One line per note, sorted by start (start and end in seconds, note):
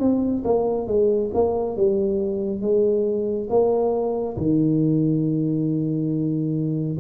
0.00 0.43 C4
0.45 0.87 A#3
0.87 1.31 G#3
1.34 1.77 A#3
1.77 2.62 G3
2.62 3.49 G#3
3.50 4.37 A#3
4.37 6.98 D#3